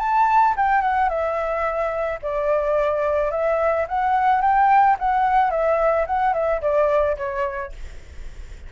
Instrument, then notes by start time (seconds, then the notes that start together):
flute
0.00 A5
0.57 G5
0.82 F#5
1.09 E5
2.22 D5
3.32 E5
3.89 F#5
4.42 G5
4.99 F#5
5.51 E5
6.07 F#5
6.34 E5
6.62 D5
7.18 C#5